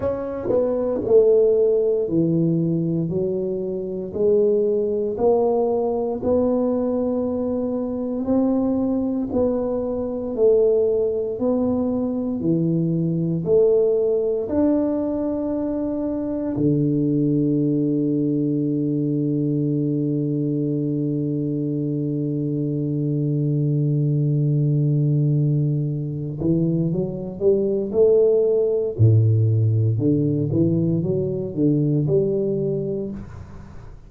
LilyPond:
\new Staff \with { instrumentName = "tuba" } { \time 4/4 \tempo 4 = 58 cis'8 b8 a4 e4 fis4 | gis4 ais4 b2 | c'4 b4 a4 b4 | e4 a4 d'2 |
d1~ | d1~ | d4. e8 fis8 g8 a4 | a,4 d8 e8 fis8 d8 g4 | }